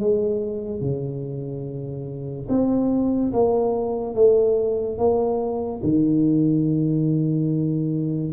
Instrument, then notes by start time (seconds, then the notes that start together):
tuba
0.00 G#3
0.81 C#3
2.49 C4
3.33 A#3
4.15 A3
4.98 A#3
5.84 D#3